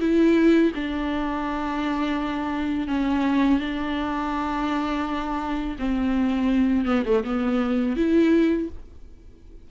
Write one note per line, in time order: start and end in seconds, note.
0.00 0.72 E4
0.75 2.88 D4
2.88 3.60 C#4
3.60 5.77 D4
5.79 6.85 C4
6.85 7.03 B3
7.05 7.24 A3
7.24 7.96 B3
7.96 8.69 E4